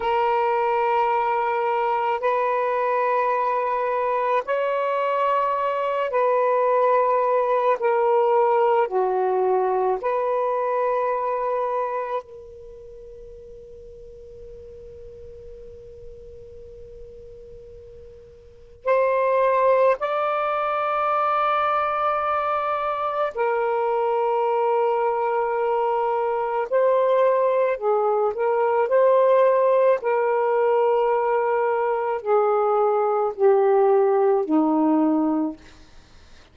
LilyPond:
\new Staff \with { instrumentName = "saxophone" } { \time 4/4 \tempo 4 = 54 ais'2 b'2 | cis''4. b'4. ais'4 | fis'4 b'2 ais'4~ | ais'1~ |
ais'4 c''4 d''2~ | d''4 ais'2. | c''4 gis'8 ais'8 c''4 ais'4~ | ais'4 gis'4 g'4 dis'4 | }